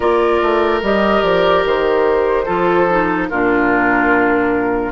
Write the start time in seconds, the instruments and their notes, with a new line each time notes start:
0.00 bassoon A#3, clarinet F4, oboe A#4, flute D5
0.42 bassoon A3
0.82 bassoon G3, clarinet G4, flute D#5
1.22 bassoon F3, flute D5
1.65 bassoon D#3, flute C5
2.45 bassoon F3, clarinet F4, oboe A4
2.89 clarinet D#4
3.29 bassoon A#2, clarinet D4, oboe F4, flute A#4